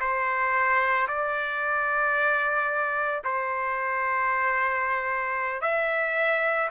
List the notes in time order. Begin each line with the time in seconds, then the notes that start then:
0.00 C5
1.08 D5
3.24 C5
5.61 E5